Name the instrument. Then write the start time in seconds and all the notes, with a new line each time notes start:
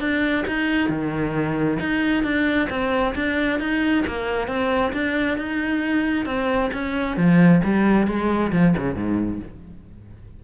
cello
0.00 D4
0.47 D#4
0.89 D#3
1.79 D#4
2.23 D4
2.70 C4
3.15 D4
3.60 D#4
4.06 A#3
4.48 C4
4.93 D4
5.38 D#4
6.25 C4
6.73 C#4
7.16 F3
7.64 G3
8.07 G#3
8.52 F3
8.77 C#3
8.95 G#2